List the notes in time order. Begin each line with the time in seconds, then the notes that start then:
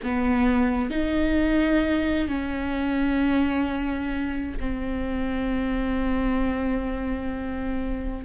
0.03 B3
0.90 D#4
2.28 C#4
4.59 C4